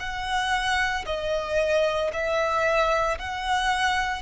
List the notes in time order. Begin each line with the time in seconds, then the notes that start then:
0.00 F#5
1.06 D#5
2.13 E5
3.19 F#5